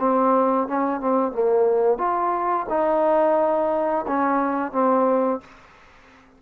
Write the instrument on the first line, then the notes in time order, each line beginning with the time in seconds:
trombone
0.00 C4
0.68 C#4
1.01 C4
1.32 A#3
1.98 F4
2.69 D#4
4.07 C#4
4.72 C4